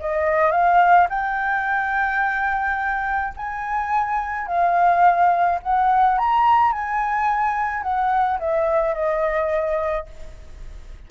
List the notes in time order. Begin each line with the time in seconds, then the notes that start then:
0.00 D#5
0.51 F5
1.10 G5
3.37 G#5
4.47 F5
5.63 F#5
6.18 A#5
6.73 G#5
7.83 F#5
8.40 E5
8.94 D#5